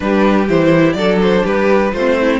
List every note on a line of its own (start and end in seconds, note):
0.00 0.48 G3
0.00 0.47 D4
0.00 0.97 G4
0.00 0.48 B4
0.48 0.94 E3
0.48 0.97 E4
0.48 0.92 C5
0.92 1.43 F#3
0.92 1.94 D4
0.92 1.43 A4
0.92 1.16 D5
1.22 1.45 C5
1.43 1.93 G3
1.43 1.91 G4
1.43 1.93 B4
1.92 2.39 A3
1.92 2.39 C4
1.92 2.16 F4
1.92 2.39 C5
2.20 2.39 E4